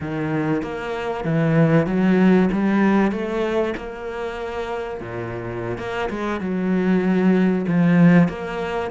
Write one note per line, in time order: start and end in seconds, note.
0.00 0.62 D#3
0.62 1.24 A#3
1.24 1.86 E3
1.86 2.49 F#3
2.52 3.11 G3
3.11 3.74 A3
3.76 5.00 A#3
5.00 5.78 A#2
5.78 6.09 A#3
6.09 6.40 G#3
6.40 7.65 F#3
7.67 8.28 F3
8.28 8.90 A#3